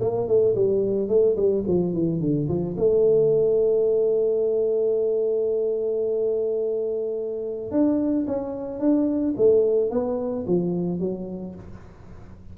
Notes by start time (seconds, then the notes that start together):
0.00 A#3
0.27 A3
0.55 G3
1.08 A3
1.36 G3
1.67 F3
1.93 E3
2.20 D3
2.48 F3
2.77 A3
7.71 D4
8.26 C#4
8.79 D4
9.37 A3
9.90 B3
10.46 F3
10.99 F#3